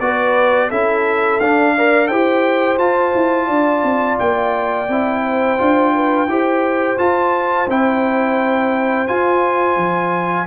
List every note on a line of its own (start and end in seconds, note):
0.00 0.70 B3
0.00 0.71 F#4
0.00 0.69 B4
0.00 0.70 D5
0.69 1.41 C#4
0.69 1.41 E4
0.69 1.74 A4
0.69 1.40 E5
1.40 2.10 D4
1.40 1.78 D4
1.40 2.07 F5
1.75 2.11 A#4
1.75 2.09 D5
2.07 2.78 E4
2.07 2.78 G4
2.07 3.47 C5
2.07 2.77 G5
2.78 4.87 F4
2.78 3.13 F4
2.78 4.18 A5
3.15 3.49 E4
3.47 3.83 D4
3.47 5.21 D5
3.83 4.18 C4
4.19 4.89 A#3
4.19 6.98 G5
4.89 5.58 C4
4.89 5.58 E4
5.24 5.93 C5
5.58 6.27 D4
5.58 6.28 F4
5.94 6.29 B4
6.27 6.97 E4
6.27 6.98 G4
6.27 10.47 C5
6.98 7.67 F4
6.98 7.68 F4
6.98 7.68 A5
7.68 9.08 C4
7.68 9.07 E4
7.68 9.07 G5
9.07 10.47 F4
9.07 9.76 F4
9.07 10.47 G#5
9.76 10.46 F3